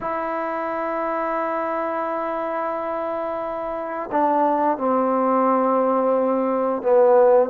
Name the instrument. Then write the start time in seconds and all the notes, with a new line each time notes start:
trombone
0.00 E4
4.11 D4
4.77 C4
6.82 B3